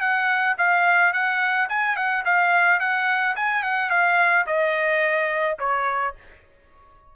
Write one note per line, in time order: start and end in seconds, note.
0.00 0.56 F#5
0.57 1.13 F5
1.13 1.68 F#5
1.69 1.96 G#5
1.96 2.23 F#5
2.25 2.80 F5
2.80 3.35 F#5
3.36 3.63 G#5
3.63 3.90 F#5
3.90 4.45 F5
4.46 5.57 D#5
5.59 6.14 C#5